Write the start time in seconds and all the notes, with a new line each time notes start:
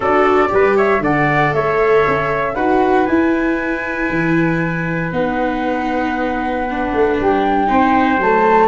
0.00 D4 F#4 A4 D5
0.48 G3 G4 B4
0.76 C#5 E5
1.00 D3 A4 D5 F#5
1.53 A3 C#5 E5
2.07 C#4
2.54 D#4 F#4 B4 F#5
3.05 E4 G#5
4.10 E3
5.12 B3 D#4 F#5
6.70 D4
6.93 A3
7.20 G3 G5
7.67 C4 D#4 C5
8.18 F#3 A3 A5